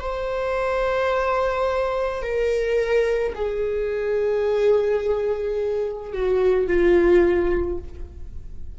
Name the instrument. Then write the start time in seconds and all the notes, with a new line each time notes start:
viola
0.00 C5
2.23 A#4
3.35 G#4
6.13 F#4
6.67 F4